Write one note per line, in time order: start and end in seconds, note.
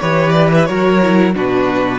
0.00 0.69 E3
0.00 0.67 G4
0.00 0.68 B4
0.00 0.31 C#5
0.31 0.47 D5
0.55 0.65 E5
0.65 1.36 F#3
0.65 1.00 F#4
0.65 1.35 A#4
0.65 1.32 C#5
1.02 1.35 E4
1.35 1.99 B2
1.35 1.99 D4
1.35 1.99 F#4
1.35 1.99 B4